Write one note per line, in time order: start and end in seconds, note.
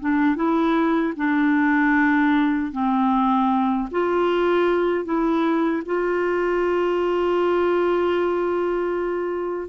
0.00 0.35 D4
0.35 1.13 E4
1.16 2.72 D4
2.72 3.89 C4
3.91 5.05 F4
5.05 5.83 E4
5.85 9.69 F4